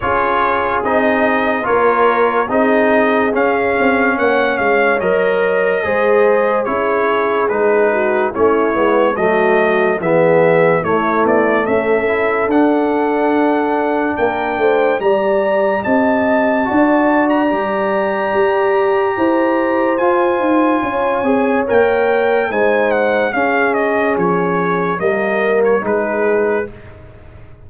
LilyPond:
<<
  \new Staff \with { instrumentName = "trumpet" } { \time 4/4 \tempo 4 = 72 cis''4 dis''4 cis''4 dis''4 | f''4 fis''8 f''8 dis''2 | cis''4 b'4 cis''4 dis''4 | e''4 cis''8 d''8 e''4 fis''4~ |
fis''4 g''4 ais''4 a''4~ | a''8. ais''2.~ ais''16 | gis''2 g''4 gis''8 fis''8 | f''8 dis''8 cis''4 dis''8. cis''16 b'4 | }
  \new Staff \with { instrumentName = "horn" } { \time 4/4 gis'2 ais'4 gis'4~ | gis'4 cis''2 c''4 | gis'4. fis'8 e'4 fis'4 | gis'4 e'4 a'2~ |
a'4 ais'8 c''8 d''4 dis''4 | d''2. c''4~ | c''4 cis''2 c''4 | gis'2 ais'4 gis'4 | }
  \new Staff \with { instrumentName = "trombone" } { \time 4/4 f'4 dis'4 f'4 dis'4 | cis'2 ais'4 gis'4 | e'4 dis'4 cis'8 b8 a4 | b4 a4. e'8 d'4~ |
d'2 g'2 | fis'4 g'2. | f'4. gis'8 ais'4 dis'4 | cis'2 ais4 dis'4 | }
  \new Staff \with { instrumentName = "tuba" } { \time 4/4 cis'4 c'4 ais4 c'4 | cis'8 c'8 ais8 gis8 fis4 gis4 | cis'4 gis4 a8 gis8 fis4 | e4 a8 b8 cis'4 d'4~ |
d'4 ais8 a8 g4 c'4 | d'4 g4 g'4 e'4 | f'8 dis'8 cis'8 c'8 ais4 gis4 | cis'4 f4 g4 gis4 | }
>>